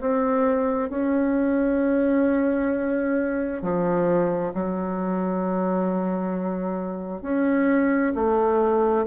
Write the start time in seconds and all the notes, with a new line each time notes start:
0.00 C4
0.89 C#4
3.62 F3
4.54 F#3
7.22 C#4
8.14 A3